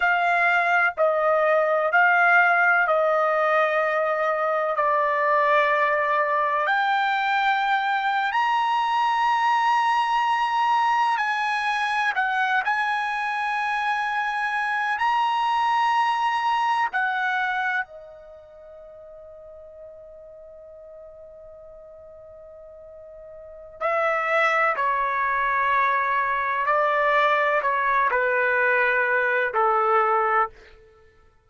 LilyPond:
\new Staff \with { instrumentName = "trumpet" } { \time 4/4 \tempo 4 = 63 f''4 dis''4 f''4 dis''4~ | dis''4 d''2 g''4~ | g''8. ais''2. gis''16~ | gis''8. fis''8 gis''2~ gis''8 ais''16~ |
ais''4.~ ais''16 fis''4 dis''4~ dis''16~ | dis''1~ | dis''4 e''4 cis''2 | d''4 cis''8 b'4. a'4 | }